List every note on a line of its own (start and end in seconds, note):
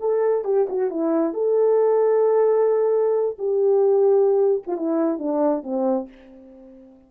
0.00 0.45 A4
0.45 0.67 G4
0.69 0.90 F#4
0.90 1.33 E4
1.33 3.36 A4
3.39 4.63 G4
4.67 4.77 F4
4.77 5.19 E4
5.19 5.63 D4
5.63 6.08 C4